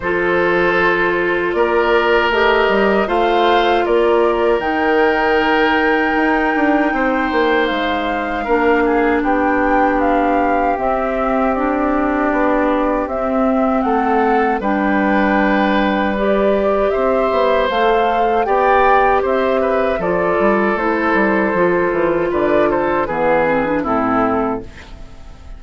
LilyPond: <<
  \new Staff \with { instrumentName = "flute" } { \time 4/4 \tempo 4 = 78 c''2 d''4 dis''4 | f''4 d''4 g''2~ | g''2 f''2 | g''4 f''4 e''4 d''4~ |
d''4 e''4 fis''4 g''4~ | g''4 d''4 e''4 f''4 | g''4 e''4 d''4 c''4~ | c''4 d''8 c''8 b'4 a'4 | }
  \new Staff \with { instrumentName = "oboe" } { \time 4/4 a'2 ais'2 | c''4 ais'2.~ | ais'4 c''2 ais'8 gis'8 | g'1~ |
g'2 a'4 b'4~ | b'2 c''2 | d''4 c''8 b'8 a'2~ | a'4 b'8 a'8 gis'4 e'4 | }
  \new Staff \with { instrumentName = "clarinet" } { \time 4/4 f'2. g'4 | f'2 dis'2~ | dis'2. d'4~ | d'2 c'4 d'4~ |
d'4 c'2 d'4~ | d'4 g'2 a'4 | g'2 f'4 e'4 | f'2 b8 c'16 d'16 c'4 | }
  \new Staff \with { instrumentName = "bassoon" } { \time 4/4 f2 ais4 a8 g8 | a4 ais4 dis2 | dis'8 d'8 c'8 ais8 gis4 ais4 | b2 c'2 |
b4 c'4 a4 g4~ | g2 c'8 b8 a4 | b4 c'4 f8 g8 a8 g8 | f8 e8 d4 e4 a,4 | }
>>